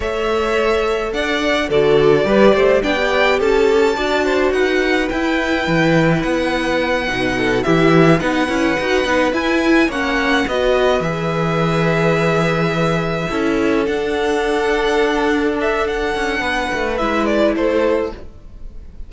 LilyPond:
<<
  \new Staff \with { instrumentName = "violin" } { \time 4/4 \tempo 4 = 106 e''2 fis''4 d''4~ | d''4 g''4 a''2 | fis''4 g''2 fis''4~ | fis''4. e''4 fis''4.~ |
fis''8 gis''4 fis''4 dis''4 e''8~ | e''1~ | e''8 fis''2. e''8 | fis''2 e''8 d''8 c''4 | }
  \new Staff \with { instrumentName = "violin" } { \time 4/4 cis''2 d''4 a'4 | b'8 c''8 d''4 a'4 d''8 c''8 | b'1~ | b'4 a'8 g'4 b'4.~ |
b'4. cis''4 b'4.~ | b'2.~ b'8 a'8~ | a'1~ | a'4 b'2 a'4 | }
  \new Staff \with { instrumentName = "viola" } { \time 4/4 a'2. fis'4 | g'4 d'16 g'4.~ g'16 fis'4~ | fis'4 e'2.~ | e'8 dis'4 e'4 dis'8 e'8 fis'8 |
dis'8 e'4 cis'4 fis'4 gis'8~ | gis'2.~ gis'8 e'8~ | e'8 d'2.~ d'8~ | d'2 e'2 | }
  \new Staff \with { instrumentName = "cello" } { \time 4/4 a2 d'4 d4 | g8 a8 b4 cis'4 d'4 | dis'4 e'4 e4 b4~ | b8 b,4 e4 b8 cis'8 dis'8 |
b8 e'4 ais4 b4 e8~ | e2.~ e8 cis'8~ | cis'8 d'2.~ d'8~ | d'8 cis'8 b8 a8 gis4 a4 | }
>>